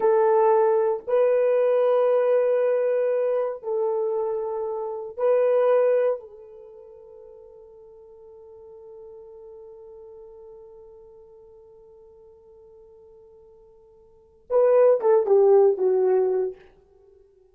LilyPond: \new Staff \with { instrumentName = "horn" } { \time 4/4 \tempo 4 = 116 a'2 b'2~ | b'2. a'4~ | a'2 b'2 | a'1~ |
a'1~ | a'1~ | a'1 | b'4 a'8 g'4 fis'4. | }